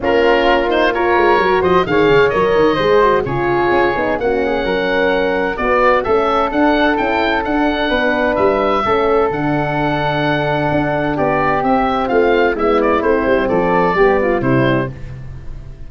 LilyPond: <<
  \new Staff \with { instrumentName = "oboe" } { \time 4/4 \tempo 4 = 129 ais'4. c''8 cis''4. dis''8 | f''4 dis''2 cis''4~ | cis''4 fis''2. | d''4 e''4 fis''4 g''4 |
fis''2 e''2 | fis''1 | d''4 e''4 f''4 e''8 d''8 | c''4 d''2 c''4 | }
  \new Staff \with { instrumentName = "flute" } { \time 4/4 f'2 ais'4. c''8 | cis''2 c''4 gis'4~ | gis'4 fis'8 gis'8 ais'2 | fis'4 a'2.~ |
a'4 b'2 a'4~ | a'1 | g'2 f'4 e'4~ | e'4 a'4 g'8 f'8 e'4 | }
  \new Staff \with { instrumentName = "horn" } { \time 4/4 cis'4. dis'8 f'4 fis'4 | gis'4 ais'4 gis'8 fis'8 f'4~ | f'8 dis'8 cis'2. | b4 cis'4 d'4 e'4 |
d'2. cis'4 | d'1~ | d'4 c'2 b4 | c'2 b4 g4 | }
  \new Staff \with { instrumentName = "tuba" } { \time 4/4 ais2~ ais8 gis8 fis8 f8 | dis8 cis8 fis8 dis8 gis4 cis4 | cis'8 b8 ais4 fis2 | b4 a4 d'4 cis'4 |
d'4 b4 g4 a4 | d2. d'4 | b4 c'4 a4 gis4 | a8 g8 f4 g4 c4 | }
>>